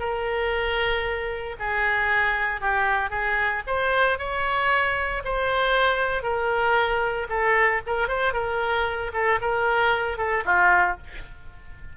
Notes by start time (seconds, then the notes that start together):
0.00 A#4
1.59 G#4
2.61 G4
3.10 G#4
3.67 C5
4.19 C#5
5.25 C5
6.23 A#4
7.30 A4
7.87 A#4
8.08 C5
8.34 A#4
9.14 A4
9.42 A#4
10.18 A4
10.46 F4